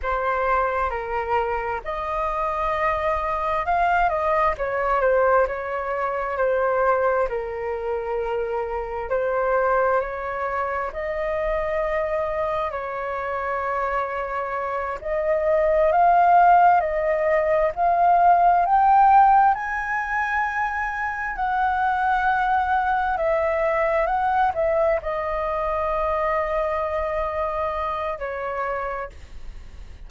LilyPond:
\new Staff \with { instrumentName = "flute" } { \time 4/4 \tempo 4 = 66 c''4 ais'4 dis''2 | f''8 dis''8 cis''8 c''8 cis''4 c''4 | ais'2 c''4 cis''4 | dis''2 cis''2~ |
cis''8 dis''4 f''4 dis''4 f''8~ | f''8 g''4 gis''2 fis''8~ | fis''4. e''4 fis''8 e''8 dis''8~ | dis''2. cis''4 | }